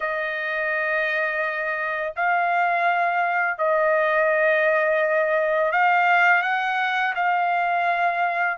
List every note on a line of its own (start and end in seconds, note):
0.00 2.13 D#5
2.16 3.57 F5
3.57 5.72 D#5
5.72 6.42 F5
6.42 7.14 F#5
7.15 8.57 F5